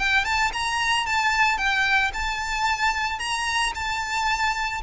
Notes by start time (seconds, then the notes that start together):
0.00 G5
0.25 A5
0.54 A#5
1.07 A5
1.58 G5
2.14 A5
3.20 A#5
3.75 A5